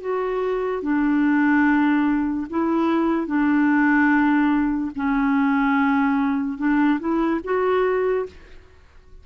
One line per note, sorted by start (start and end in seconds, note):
0.00 0.82 F#4
0.82 2.47 D4
2.50 3.27 E4
3.27 4.91 D4
4.95 6.58 C#4
6.58 6.99 D4
6.99 7.40 E4
7.44 8.26 F#4